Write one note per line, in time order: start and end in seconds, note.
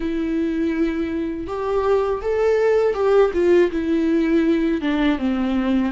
0.00 1.47 E4
1.47 2.21 G4
2.21 2.94 A4
2.94 3.31 G4
3.33 3.70 F4
3.71 4.81 E4
4.81 5.18 D4
5.18 5.92 C4